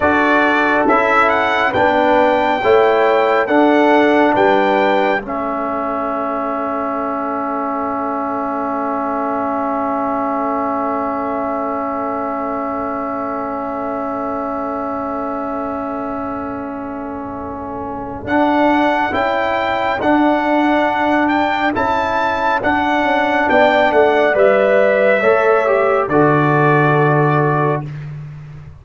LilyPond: <<
  \new Staff \with { instrumentName = "trumpet" } { \time 4/4 \tempo 4 = 69 d''4 e''8 fis''8 g''2 | fis''4 g''4 e''2~ | e''1~ | e''1~ |
e''1~ | e''4 fis''4 g''4 fis''4~ | fis''8 g''8 a''4 fis''4 g''8 fis''8 | e''2 d''2 | }
  \new Staff \with { instrumentName = "horn" } { \time 4/4 a'2 b'4 cis''4 | a'4 b'4 a'2~ | a'1~ | a'1~ |
a'1~ | a'1~ | a'2. d''4~ | d''4 cis''4 a'2 | }
  \new Staff \with { instrumentName = "trombone" } { \time 4/4 fis'4 e'4 d'4 e'4 | d'2 cis'2~ | cis'1~ | cis'1~ |
cis'1~ | cis'4 d'4 e'4 d'4~ | d'4 e'4 d'2 | b'4 a'8 g'8 fis'2 | }
  \new Staff \with { instrumentName = "tuba" } { \time 4/4 d'4 cis'4 b4 a4 | d'4 g4 a2~ | a1~ | a1~ |
a1~ | a4 d'4 cis'4 d'4~ | d'4 cis'4 d'8 cis'8 b8 a8 | g4 a4 d2 | }
>>